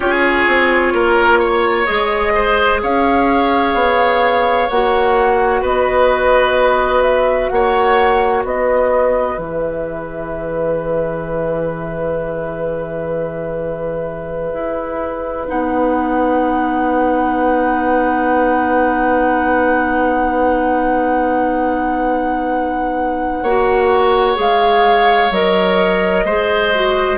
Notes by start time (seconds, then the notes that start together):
0.00 C#4 F4 G#4 C#5
0.47 C4
0.93 A#3 A#4
1.39 C#5
1.85 G#3 G#4 D#5
2.34 C5
2.82 C#4 C#5 F5
3.73 B3
4.69 A#3 F#4 F#5
5.61 B3 B4 D#5
7.02 E5
7.49 A#3 C#5 F#5
8.44 B3 B4 D#5
9.37 E3 G#4 E5
14.53 E4
15.46 B3 D#4 F#5
23.42 A#3 F#4 C#5
24.35 G#3 G#4 F5
25.30 F#3 A#4 D#5
26.24 G#3 G#4 C5
26.74 F#4